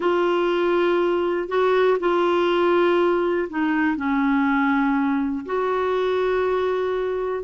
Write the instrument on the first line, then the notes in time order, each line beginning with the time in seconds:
clarinet
0.00 F4
1.48 F#4
1.99 F4
3.49 D#4
3.96 C#4
5.45 F#4